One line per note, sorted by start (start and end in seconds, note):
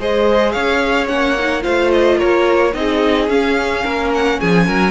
0.00 0.55 G#3
0.00 1.08 G#4
0.00 0.54 C5
0.00 0.52 D#5
0.52 1.10 C#4
0.52 1.63 C#5
0.52 1.07 F5
1.08 1.65 A#3
1.08 1.36 C#4
1.08 1.63 F#5
1.39 1.62 D#4
1.62 2.22 A3
1.62 2.72 F4
1.62 2.18 C5
1.62 1.91 F5
1.92 2.19 D#5
2.18 2.75 A#3
2.18 2.73 A#4
2.18 2.74 C#5
2.74 3.29 C4
2.74 3.29 D#4
2.74 3.84 G#4
2.74 3.29 D#5
3.29 3.84 C#4
3.29 4.91 C#4
3.29 4.12 F5
3.84 4.41 A#3
3.84 4.39 A#4
4.15 4.41 F#5
4.40 4.68 F3
4.40 4.67 G#4
4.40 4.91 G#5
4.67 4.91 F#3
4.67 4.91 A#4